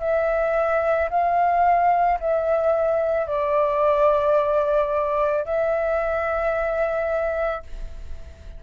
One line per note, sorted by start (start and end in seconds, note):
0.00 1.09 E5
1.10 2.19 F5
2.20 3.27 E5
3.27 5.44 D5
5.44 7.63 E5